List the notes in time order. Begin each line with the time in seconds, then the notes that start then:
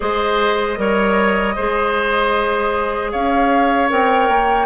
0.00 G#3 G#4 C5 D#5
0.76 G3 A#4 C#5
1.55 G#3 G#4 C5
3.11 C#4 C#5 F5
3.89 C4 A#4 G5
4.29 A#3